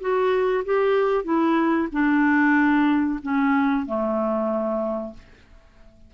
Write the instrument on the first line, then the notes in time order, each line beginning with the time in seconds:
clarinet
0.00 F#4
0.64 G4
1.24 E4
1.92 D4
3.22 C#4
3.86 A3